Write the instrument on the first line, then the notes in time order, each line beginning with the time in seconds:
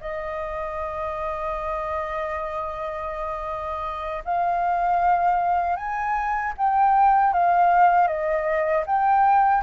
flute
0.00 D#5
4.24 F5
5.76 G#5
6.57 G5
7.33 F5
8.07 D#5
8.86 G5